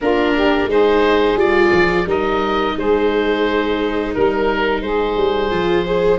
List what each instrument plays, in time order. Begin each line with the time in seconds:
0.01 tuba A#3, viola D4, saxophone F4, oboe A#4
0.35 saxophone G4
0.66 tuba G#3, viola D#4, saxophone G#4, oboe C5
1.35 tuba G3, viola F4, oboe D5
1.72 tuba F3
2.06 tuba G3, viola D#4, saxophone A#4, oboe D#5
2.77 tuba G#3, saxophone G#4, oboe C5
4.14 tuba G3, oboe A#4, saxophone A#4
4.81 tuba G#3, saxophone G#4, oboe C5
5.16 tuba G3
5.50 tuba F3, viola F4
5.85 viola G#4, saxophone C5